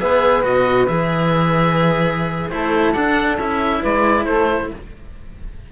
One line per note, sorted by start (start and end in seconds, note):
0.00 0.44 B3
0.00 0.43 G#4
0.00 2.51 B4
0.00 0.44 E5
0.43 0.88 B2
0.43 0.87 F#4
0.43 0.87 D#5
0.87 2.51 E3
0.87 2.51 G#4
0.87 2.50 E5
2.50 2.95 A3
2.50 2.94 E4
2.50 3.80 A4
2.50 2.93 C5
2.93 3.38 D4
2.93 3.37 F#5
3.38 3.82 C#4
3.38 4.72 E4
3.38 3.84 E5
3.80 4.27 G#3
3.80 4.24 B4
3.80 4.25 D5
4.25 4.70 A3
4.25 4.69 A4
4.25 4.69 C5